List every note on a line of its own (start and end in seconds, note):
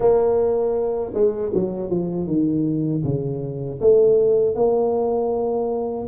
0.00 1.12 A#3
1.14 1.52 G#3
1.54 1.90 F#3
1.90 2.26 F3
2.26 3.02 D#3
3.04 3.80 C#3
3.80 4.55 A3
4.55 6.07 A#3